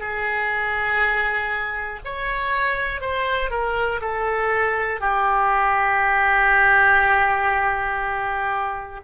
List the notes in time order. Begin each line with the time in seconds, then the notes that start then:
0.00 G#4
2.05 C#5
3.01 C5
3.50 A#4
4.02 A4
5.01 G4